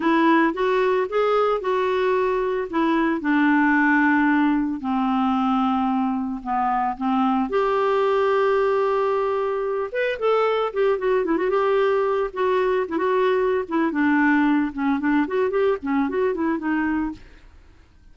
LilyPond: \new Staff \with { instrumentName = "clarinet" } { \time 4/4 \tempo 4 = 112 e'4 fis'4 gis'4 fis'4~ | fis'4 e'4 d'2~ | d'4 c'2. | b4 c'4 g'2~ |
g'2~ g'8 b'8 a'4 | g'8 fis'8 e'16 fis'16 g'4. fis'4 | e'16 fis'4~ fis'16 e'8 d'4. cis'8 | d'8 fis'8 g'8 cis'8 fis'8 e'8 dis'4 | }